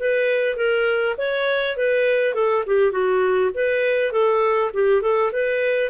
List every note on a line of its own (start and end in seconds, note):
0.00 0.57 B4
0.57 1.16 A#4
1.18 1.77 C#5
1.77 2.35 B4
2.35 2.64 A4
2.67 2.92 G4
2.92 3.51 F#4
3.55 4.12 B4
4.12 4.71 A4
4.74 5.02 G4
5.02 5.31 A4
5.32 5.90 B4